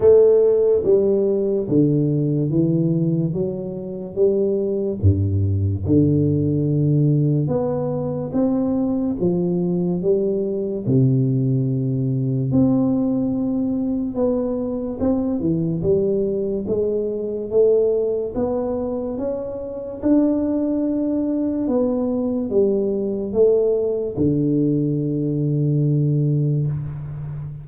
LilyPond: \new Staff \with { instrumentName = "tuba" } { \time 4/4 \tempo 4 = 72 a4 g4 d4 e4 | fis4 g4 g,4 d4~ | d4 b4 c'4 f4 | g4 c2 c'4~ |
c'4 b4 c'8 e8 g4 | gis4 a4 b4 cis'4 | d'2 b4 g4 | a4 d2. | }